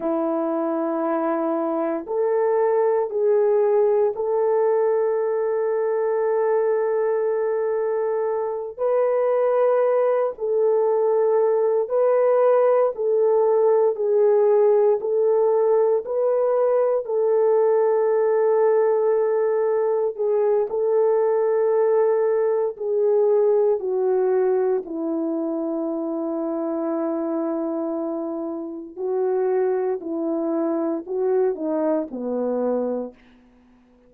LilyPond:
\new Staff \with { instrumentName = "horn" } { \time 4/4 \tempo 4 = 58 e'2 a'4 gis'4 | a'1~ | a'8 b'4. a'4. b'8~ | b'8 a'4 gis'4 a'4 b'8~ |
b'8 a'2. gis'8 | a'2 gis'4 fis'4 | e'1 | fis'4 e'4 fis'8 dis'8 b4 | }